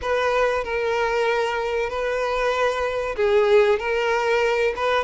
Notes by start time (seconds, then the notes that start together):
0.01 B4
0.63 A#4
1.89 B4
3.16 G#4
3.79 A#4
4.75 B4